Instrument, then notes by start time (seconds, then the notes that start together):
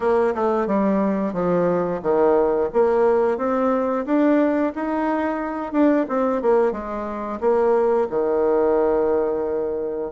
bassoon
0.00 A#3
0.35 A3
0.66 G3
1.33 F3
2.02 D#3
2.73 A#3
3.37 C4
4.05 D4
4.75 D#4
5.72 D4
6.08 C4
6.42 A#3
6.72 G#3
7.40 A#3
8.10 D#3